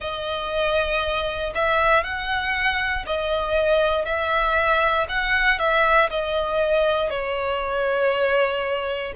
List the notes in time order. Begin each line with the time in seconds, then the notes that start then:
0.00 D#5
1.54 E5
2.03 F#5
3.06 D#5
4.05 E5
5.08 F#5
5.58 E5
6.10 D#5
7.10 C#5